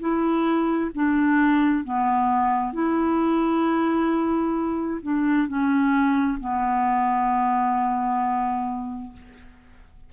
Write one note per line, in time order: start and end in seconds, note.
0.00 0.91 E4
0.95 1.84 D4
1.84 2.74 B3
2.74 5.01 E4
5.02 5.48 D4
5.48 6.39 C#4
6.40 9.13 B3